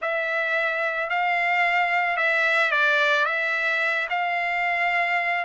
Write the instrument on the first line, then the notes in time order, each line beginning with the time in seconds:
trumpet
0.01 E5
1.09 F5
2.17 E5
2.71 D5
3.25 E5
4.09 F5